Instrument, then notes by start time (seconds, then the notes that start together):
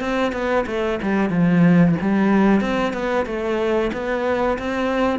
cello
0.00 C4
0.33 B3
0.67 A3
1.03 G3
1.30 F3
2.02 G3
2.61 C4
2.93 B3
3.26 A3
3.93 B3
4.58 C4